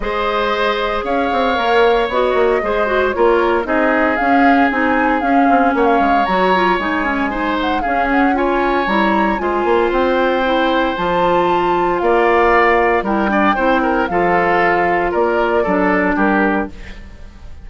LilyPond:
<<
  \new Staff \with { instrumentName = "flute" } { \time 4/4 \tempo 4 = 115 dis''2 f''2 | dis''2 cis''4 dis''4 | f''4 gis''4 f''4 fis''16 f''8. | ais''4 gis''4. fis''8 f''8 fis''8 |
gis''4 ais''4 gis''4 g''4~ | g''4 a''2 f''4~ | f''4 g''2 f''4~ | f''4 d''2 ais'4 | }
  \new Staff \with { instrumentName = "oboe" } { \time 4/4 c''2 cis''2~ | cis''4 c''4 ais'4 gis'4~ | gis'2. cis''4~ | cis''2 c''4 gis'4 |
cis''2 c''2~ | c''2. d''4~ | d''4 ais'8 d''8 c''8 ais'8 a'4~ | a'4 ais'4 a'4 g'4 | }
  \new Staff \with { instrumentName = "clarinet" } { \time 4/4 gis'2. ais'4 | fis'4 gis'8 fis'8 f'4 dis'4 | cis'4 dis'4 cis'2 | fis'8 f'8 dis'8 cis'8 dis'4 cis'4 |
f'4 e'4 f'2 | e'4 f'2.~ | f'4 e'8 d'8 e'4 f'4~ | f'2 d'2 | }
  \new Staff \with { instrumentName = "bassoon" } { \time 4/4 gis2 cis'8 c'8 ais4 | b8 ais8 gis4 ais4 c'4 | cis'4 c'4 cis'8 c'8 ais8 gis8 | fis4 gis2 cis'4~ |
cis'4 g4 gis8 ais8 c'4~ | c'4 f2 ais4~ | ais4 g4 c'4 f4~ | f4 ais4 fis4 g4 | }
>>